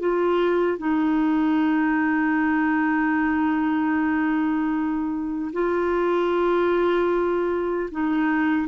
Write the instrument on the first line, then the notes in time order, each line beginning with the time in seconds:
clarinet
0.00 F4
0.78 D#4
5.53 F4
7.92 D#4